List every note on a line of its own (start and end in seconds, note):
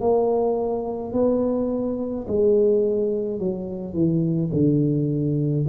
0.00 1.13 A#3
1.13 2.26 B3
2.27 3.39 G#3
3.39 3.93 F#3
3.93 4.50 E3
4.53 5.66 D3